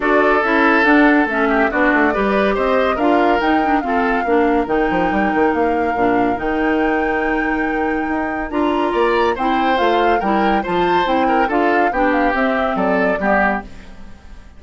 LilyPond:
<<
  \new Staff \with { instrumentName = "flute" } { \time 4/4 \tempo 4 = 141 d''4 e''4 fis''4 e''4 | d''2 dis''4 f''4 | g''4 f''2 g''4~ | g''4 f''2 g''4~ |
g''1 | ais''2 g''4 f''4 | g''4 a''4 g''4 f''4 | g''8 f''8 e''4 d''2 | }
  \new Staff \with { instrumentName = "oboe" } { \time 4/4 a'2.~ a'8 g'8 | fis'4 b'4 c''4 ais'4~ | ais'4 a'4 ais'2~ | ais'1~ |
ais'1~ | ais'4 d''4 c''2 | ais'4 c''4. ais'8 a'4 | g'2 a'4 g'4 | }
  \new Staff \with { instrumentName = "clarinet" } { \time 4/4 fis'4 e'4 d'4 cis'4 | d'4 g'2 f'4 | dis'8 d'8 c'4 d'4 dis'4~ | dis'2 d'4 dis'4~ |
dis'1 | f'2 e'4 f'4 | e'4 f'4 e'4 f'4 | d'4 c'2 b4 | }
  \new Staff \with { instrumentName = "bassoon" } { \time 4/4 d'4 cis'4 d'4 a4 | b8 a8 g4 c'4 d'4 | dis'4 f'4 ais4 dis8 f8 | g8 dis8 ais4 ais,4 dis4~ |
dis2. dis'4 | d'4 ais4 c'4 a4 | g4 f4 c'4 d'4 | b4 c'4 fis4 g4 | }
>>